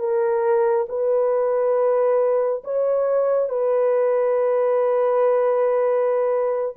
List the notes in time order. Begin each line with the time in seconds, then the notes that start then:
0.00 A#4
0.89 B4
2.64 C#5
3.50 B4